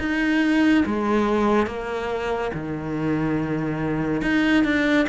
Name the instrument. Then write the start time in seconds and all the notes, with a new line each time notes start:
cello
0.00 D#4
0.86 G#3
1.67 A#3
2.54 D#3
4.23 D#4
4.65 D4